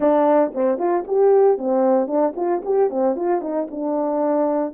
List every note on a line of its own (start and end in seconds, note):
0.00 0.52 D4
0.54 0.78 C4
0.78 1.04 F4
1.07 1.58 G4
1.58 2.07 C4
2.07 2.33 D4
2.36 2.62 F4
2.64 2.89 G4
2.89 3.16 C4
3.16 3.41 F4
3.41 3.67 D#4
3.70 4.73 D4